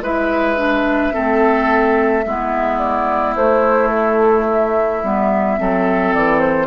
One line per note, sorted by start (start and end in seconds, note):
0.00 1.11 G#3
0.00 0.56 E4
0.00 1.13 B4
0.00 2.78 E5
0.56 1.12 D4
1.12 2.25 A3
1.12 2.23 C4
1.12 2.24 A4
2.25 3.35 G#3
2.25 3.38 B3
2.25 5.60 E4
2.78 3.34 D5
3.35 5.02 A3
3.35 5.03 A3
3.35 3.87 C5
3.87 4.42 A4
4.49 6.14 E5
5.03 5.59 G3
5.03 5.57 B3
5.57 6.14 F#3
5.57 6.67 C4
5.57 6.67 A4
6.14 6.67 E3
6.14 6.39 D5
6.39 6.67 C5